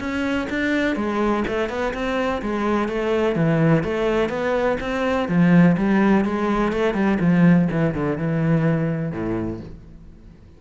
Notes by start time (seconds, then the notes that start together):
0.00 C#4
0.50 D4
0.96 G#3
1.48 A3
1.69 B3
1.94 C4
2.42 G#3
2.89 A3
3.36 E3
3.84 A3
4.29 B3
4.81 C4
5.29 F3
5.77 G3
6.25 G#3
6.73 A3
6.94 G3
7.20 F3
7.71 E3
7.95 D3
8.18 E3
9.12 A2